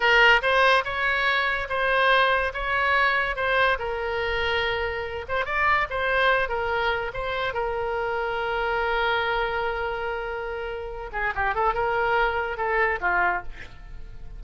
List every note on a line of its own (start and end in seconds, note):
0.00 0.41 A#4
0.42 0.84 C5
0.84 1.68 C#5
1.69 2.53 C5
2.53 3.36 C#5
3.36 3.78 C5
3.79 5.25 A#4
5.28 5.45 C5
5.45 5.87 D5
5.90 6.48 C5
6.48 7.11 A#4
7.13 7.53 C5
7.53 11.10 A#4
11.12 11.33 G#4
11.35 11.54 G4
11.54 11.74 A4
11.74 12.57 A#4
12.57 12.99 A4
13.00 13.42 F4